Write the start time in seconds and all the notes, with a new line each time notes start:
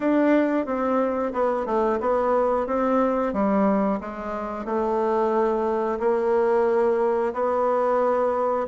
0.00 D4
0.65 C4
1.33 B3
1.65 A3
2.00 B3
2.66 C4
3.33 G3
4.00 G#3
4.65 A3
5.99 A#3
7.33 B3